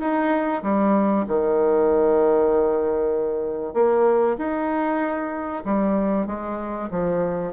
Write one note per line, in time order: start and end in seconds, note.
0.00 0.62 D#4
0.63 1.26 G3
1.28 3.74 D#3
3.74 4.37 A#3
4.38 5.63 D#4
5.65 6.27 G3
6.27 6.89 G#3
6.91 7.53 F3